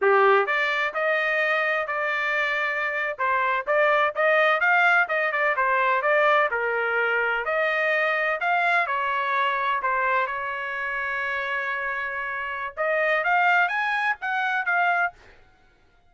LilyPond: \new Staff \with { instrumentName = "trumpet" } { \time 4/4 \tempo 4 = 127 g'4 d''4 dis''2 | d''2~ d''8. c''4 d''16~ | d''8. dis''4 f''4 dis''8 d''8 c''16~ | c''8. d''4 ais'2 dis''16~ |
dis''4.~ dis''16 f''4 cis''4~ cis''16~ | cis''8. c''4 cis''2~ cis''16~ | cis''2. dis''4 | f''4 gis''4 fis''4 f''4 | }